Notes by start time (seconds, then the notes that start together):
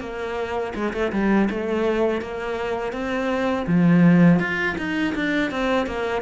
0.00 A#3
0.75 G#3
0.93 A3
1.12 G3
1.50 A3
2.21 A#3
2.92 C4
3.67 F3
4.39 F4
4.77 D#4
5.15 D4
5.51 C4
5.86 A#3